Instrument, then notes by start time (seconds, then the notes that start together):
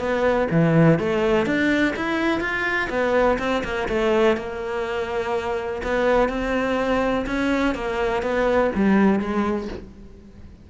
cello
0.00 B3
0.51 E3
1.00 A3
1.46 D4
1.96 E4
2.41 F4
2.90 B3
3.39 C4
3.64 A#3
3.89 A3
4.37 A#3
5.84 B3
6.29 C4
7.27 C#4
7.75 A#3
8.23 B3
8.76 G3
9.20 G#3